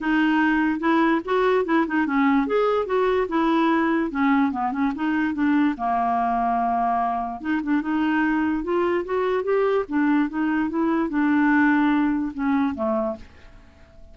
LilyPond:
\new Staff \with { instrumentName = "clarinet" } { \time 4/4 \tempo 4 = 146 dis'2 e'4 fis'4 | e'8 dis'8 cis'4 gis'4 fis'4 | e'2 cis'4 b8 cis'8 | dis'4 d'4 ais2~ |
ais2 dis'8 d'8 dis'4~ | dis'4 f'4 fis'4 g'4 | d'4 dis'4 e'4 d'4~ | d'2 cis'4 a4 | }